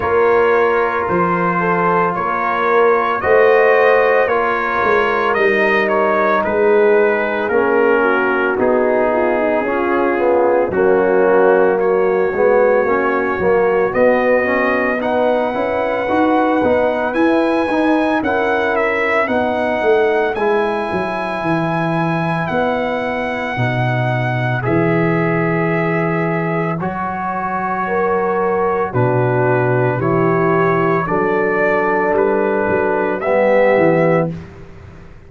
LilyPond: <<
  \new Staff \with { instrumentName = "trumpet" } { \time 4/4 \tempo 4 = 56 cis''4 c''4 cis''4 dis''4 | cis''4 dis''8 cis''8 b'4 ais'4 | gis'2 fis'4 cis''4~ | cis''4 dis''4 fis''2 |
gis''4 fis''8 e''8 fis''4 gis''4~ | gis''4 fis''2 e''4~ | e''4 cis''2 b'4 | cis''4 d''4 b'4 e''4 | }
  \new Staff \with { instrumentName = "horn" } { \time 4/4 ais'4. a'8 ais'4 c''4 | ais'2 gis'4. fis'8~ | fis'8 f'16 dis'16 f'4 cis'4 fis'4~ | fis'2 b'2~ |
b'4 ais'4 b'2~ | b'1~ | b'2 ais'4 fis'4 | g'4 a'2 g'4 | }
  \new Staff \with { instrumentName = "trombone" } { \time 4/4 f'2. fis'4 | f'4 dis'2 cis'4 | dis'4 cis'8 b8 ais4. b8 | cis'8 ais8 b8 cis'8 dis'8 e'8 fis'8 dis'8 |
e'8 dis'8 e'4 dis'4 e'4~ | e'2 dis'4 gis'4~ | gis'4 fis'2 d'4 | e'4 d'2 b4 | }
  \new Staff \with { instrumentName = "tuba" } { \time 4/4 ais4 f4 ais4 a4 | ais8 gis8 g4 gis4 ais4 | b4 cis'4 fis4. gis8 | ais8 fis8 b4. cis'8 dis'8 b8 |
e'8 dis'8 cis'4 b8 a8 gis8 fis8 | e4 b4 b,4 e4~ | e4 fis2 b,4 | e4 fis4 g8 fis8 g8 e8 | }
>>